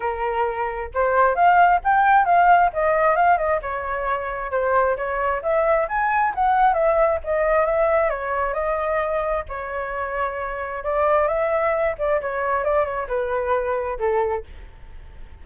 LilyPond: \new Staff \with { instrumentName = "flute" } { \time 4/4 \tempo 4 = 133 ais'2 c''4 f''4 | g''4 f''4 dis''4 f''8 dis''8 | cis''2 c''4 cis''4 | e''4 gis''4 fis''4 e''4 |
dis''4 e''4 cis''4 dis''4~ | dis''4 cis''2. | d''4 e''4. d''8 cis''4 | d''8 cis''8 b'2 a'4 | }